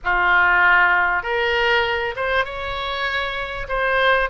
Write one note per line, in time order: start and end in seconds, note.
0.04 1.22 F4
1.22 2.14 A#4
2.16 2.44 C5
2.44 3.67 C#5
3.68 4.29 C5